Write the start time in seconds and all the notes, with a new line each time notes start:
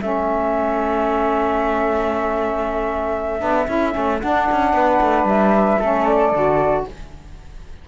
0.00 A3 C#4 A4 E5
3.39 B3 D4
3.66 C#4 E4
3.92 A3 C#4
4.20 D4 F#5
4.51 C#4
4.73 B3 B4
5.01 A3
5.24 G3 E5
5.79 A3 C#4 A4
6.05 D5
6.32 D3 F#4